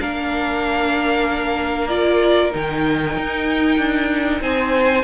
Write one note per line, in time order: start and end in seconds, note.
0.00 2.54 A#3
0.00 1.89 D4
0.00 4.42 A#4
0.00 1.88 F5
1.88 2.52 F4
1.88 2.51 D5
2.52 3.17 D#3
2.52 5.04 D#4
2.52 4.42 G5
3.17 3.78 D#4
3.78 4.41 D4
4.41 5.04 C4
4.41 5.04 C5
4.41 5.04 G#5